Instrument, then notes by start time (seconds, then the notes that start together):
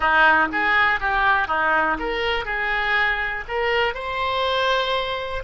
oboe
0.00 D#4
0.52 G#4
1.00 G4
1.47 D#4
1.99 A#4
2.45 G#4
3.48 A#4
3.94 C5